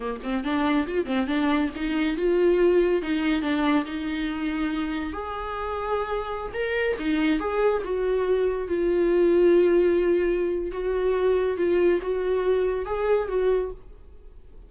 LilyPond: \new Staff \with { instrumentName = "viola" } { \time 4/4 \tempo 4 = 140 ais8 c'8 d'4 f'8 c'8 d'4 | dis'4 f'2 dis'4 | d'4 dis'2. | gis'2.~ gis'16 ais'8.~ |
ais'16 dis'4 gis'4 fis'4.~ fis'16~ | fis'16 f'2.~ f'8.~ | f'4 fis'2 f'4 | fis'2 gis'4 fis'4 | }